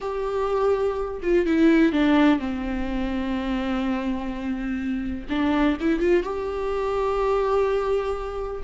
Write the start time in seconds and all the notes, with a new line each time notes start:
0.00 G4
1.22 F4
1.46 E4
1.92 D4
2.39 C4
5.29 D4
5.80 E4
5.99 F4
6.23 G4